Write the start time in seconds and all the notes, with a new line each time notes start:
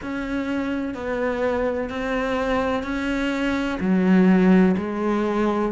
0.02 C#4
0.94 B3
1.89 C4
2.83 C#4
3.80 F#3
4.77 G#3